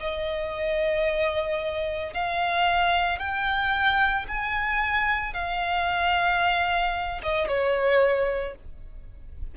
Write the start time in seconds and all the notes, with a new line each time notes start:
0.00 D#5
2.14 F5
3.19 G5
4.29 G#5
5.34 F5
7.23 D#5
7.48 C#5